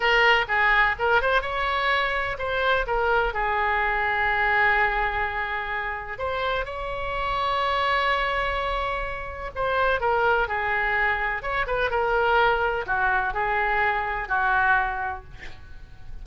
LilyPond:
\new Staff \with { instrumentName = "oboe" } { \time 4/4 \tempo 4 = 126 ais'4 gis'4 ais'8 c''8 cis''4~ | cis''4 c''4 ais'4 gis'4~ | gis'1~ | gis'4 c''4 cis''2~ |
cis''1 | c''4 ais'4 gis'2 | cis''8 b'8 ais'2 fis'4 | gis'2 fis'2 | }